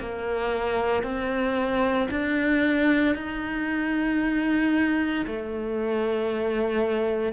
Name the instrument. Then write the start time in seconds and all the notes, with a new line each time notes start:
cello
0.00 A#3
1.03 C4
2.11 D4
3.15 D#4
5.27 A3